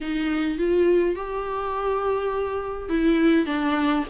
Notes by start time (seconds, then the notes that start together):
0.00 D#4
0.57 F4
1.15 G4
2.89 E4
3.46 D4